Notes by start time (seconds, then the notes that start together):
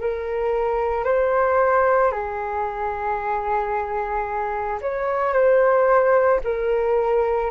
0.00 A#4
1.04 C5
2.11 G#4
4.81 C#5
5.33 C5
6.44 A#4